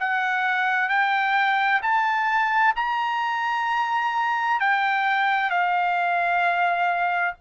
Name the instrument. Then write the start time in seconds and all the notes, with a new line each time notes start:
trumpet
0.00 F#5
0.89 G5
1.82 A5
2.76 A#5
4.60 G5
5.50 F5